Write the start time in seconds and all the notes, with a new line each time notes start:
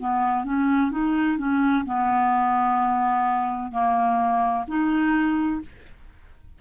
0.00 B3
0.45 C#4
0.92 D#4
1.38 C#4
1.86 B3
3.72 A#3
4.68 D#4